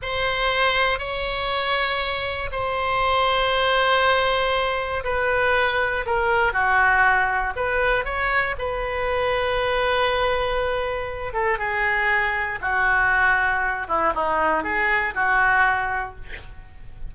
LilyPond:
\new Staff \with { instrumentName = "oboe" } { \time 4/4 \tempo 4 = 119 c''2 cis''2~ | cis''4 c''2.~ | c''2 b'2 | ais'4 fis'2 b'4 |
cis''4 b'2.~ | b'2~ b'8 a'8 gis'4~ | gis'4 fis'2~ fis'8 e'8 | dis'4 gis'4 fis'2 | }